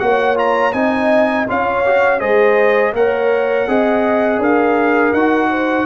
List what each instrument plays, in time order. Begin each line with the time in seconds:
0.00 tuba A#3, trombone F#4, horn C#5, trumpet F#5
0.36 trombone F4, trumpet A#5
0.73 tuba C4, trombone D#4, horn D#5, trumpet G#5
1.48 tuba C#4, trombone F4, horn C#5, trumpet F5
1.86 trombone F#4
2.20 tuba G#3, trombone G#4, horn C5, trumpet D#5
2.93 tuba A#3, trombone A#4, horn C#5, trumpet F#5
3.68 tuba C4, trombone G#4, horn D#5
4.39 tuba D4, horn A#4, trumpet F5
5.13 tuba D#4, trombone F#4, trumpet F#5
5.50 horn C5